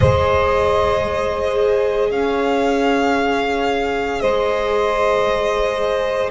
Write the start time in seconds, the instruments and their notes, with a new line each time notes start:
0.00 double bass G#3, viola G#4, saxophone C5, violin D#5
2.10 double bass C#4, saxophone C#5, violin F5
4.20 double bass G#3, saxophone C5, violin D#5